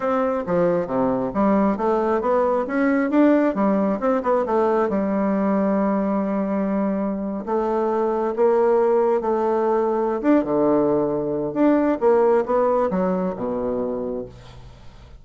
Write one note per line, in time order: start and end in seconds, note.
0.00 0.43 C4
0.46 0.86 F3
0.86 1.31 C3
1.34 1.77 G3
1.77 2.21 A3
2.21 2.65 B3
2.67 3.10 C#4
3.10 3.54 D4
3.54 3.99 G3
4.00 4.22 C4
4.23 4.45 B3
4.46 4.89 A3
4.89 7.44 G3
7.45 8.34 A3
8.36 9.21 A#3
9.21 10.21 A3
10.21 10.43 D4
10.43 11.53 D3
11.53 11.98 D4
12.00 12.44 A#3
12.45 12.89 B3
12.90 13.34 F#3
13.36 14.25 B2